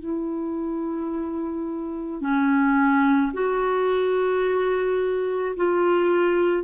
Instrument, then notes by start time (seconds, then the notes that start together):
clarinet
0.00 E4
2.21 C#4
3.34 F#4
5.57 F4